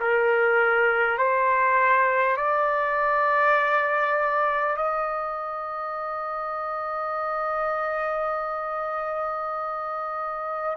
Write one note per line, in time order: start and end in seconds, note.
0.00 1.17 A#4
1.17 2.36 C5
2.36 4.76 D5
4.77 10.77 D#5